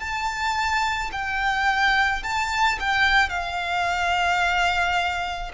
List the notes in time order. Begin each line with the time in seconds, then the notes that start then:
0.00 A5
1.13 G5
2.24 A5
2.80 G5
3.30 F5